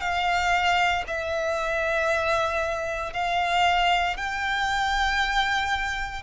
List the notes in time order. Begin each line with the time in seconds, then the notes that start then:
0.00 F5
1.07 E5
3.13 F5
4.17 G5